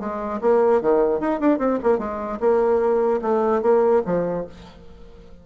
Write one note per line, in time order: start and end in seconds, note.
0.00 0.40 G#3
0.41 0.82 A#3
0.82 1.20 D#3
1.20 1.40 D#4
1.40 1.59 D4
1.59 1.79 C4
1.84 1.99 A#3
1.99 2.39 G#3
2.41 3.21 A#3
3.22 3.62 A3
3.62 4.02 A#3
4.06 4.46 F3